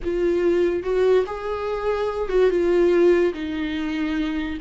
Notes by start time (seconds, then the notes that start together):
0.04 F4
0.83 F#4
1.26 G#4
2.29 F#4
2.50 F4
3.33 D#4